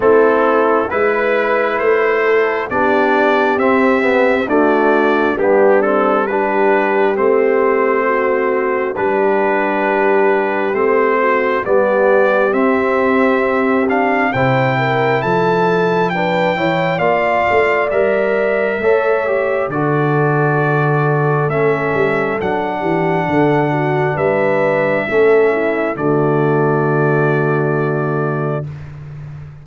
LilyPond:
<<
  \new Staff \with { instrumentName = "trumpet" } { \time 4/4 \tempo 4 = 67 a'4 b'4 c''4 d''4 | e''4 d''4 g'8 a'8 b'4 | c''2 b'2 | c''4 d''4 e''4. f''8 |
g''4 a''4 g''4 f''4 | e''2 d''2 | e''4 fis''2 e''4~ | e''4 d''2. | }
  \new Staff \with { instrumentName = "horn" } { \time 4/4 e'4 b'4. a'8 g'4~ | g'4 fis'4 d'4 g'4~ | g'4 fis'4 g'2~ | g'8 fis'8 g'2. |
c''8 ais'8 a'4 b'8 cis''8 d''4~ | d''4 cis''4 a'2~ | a'4. g'8 a'8 fis'8 b'4 | a'8 e'8 fis'2. | }
  \new Staff \with { instrumentName = "trombone" } { \time 4/4 c'4 e'2 d'4 | c'8 b8 a4 b8 c'8 d'4 | c'2 d'2 | c'4 b4 c'4. d'8 |
e'2 d'8 e'8 f'4 | ais'4 a'8 g'8 fis'2 | cis'4 d'2. | cis'4 a2. | }
  \new Staff \with { instrumentName = "tuba" } { \time 4/4 a4 gis4 a4 b4 | c'4 d'4 g2 | a2 g2 | a4 g4 c'2 |
c4 f4. e8 ais8 a8 | g4 a4 d2 | a8 g8 fis8 e8 d4 g4 | a4 d2. | }
>>